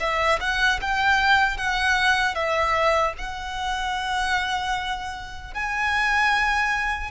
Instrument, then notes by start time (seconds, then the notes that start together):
violin
0.00 E5
0.40 F#5
0.81 G5
1.57 F#5
2.35 E5
3.18 F#5
5.54 G#5